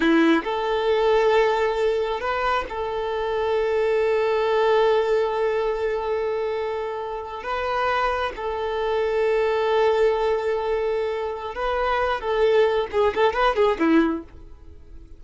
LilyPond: \new Staff \with { instrumentName = "violin" } { \time 4/4 \tempo 4 = 135 e'4 a'2.~ | a'4 b'4 a'2~ | a'1~ | a'1~ |
a'8. b'2 a'4~ a'16~ | a'1~ | a'2 b'4. a'8~ | a'4 gis'8 a'8 b'8 gis'8 e'4 | }